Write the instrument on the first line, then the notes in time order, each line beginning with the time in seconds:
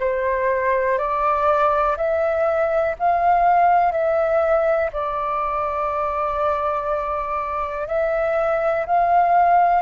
flute
0.00 C5
0.98 D5
1.97 E5
2.99 F5
3.92 E5
4.93 D5
7.87 E5
8.86 F5